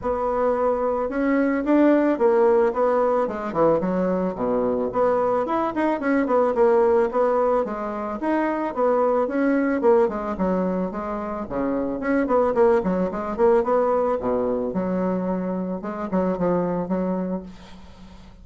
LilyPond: \new Staff \with { instrumentName = "bassoon" } { \time 4/4 \tempo 4 = 110 b2 cis'4 d'4 | ais4 b4 gis8 e8 fis4 | b,4 b4 e'8 dis'8 cis'8 b8 | ais4 b4 gis4 dis'4 |
b4 cis'4 ais8 gis8 fis4 | gis4 cis4 cis'8 b8 ais8 fis8 | gis8 ais8 b4 b,4 fis4~ | fis4 gis8 fis8 f4 fis4 | }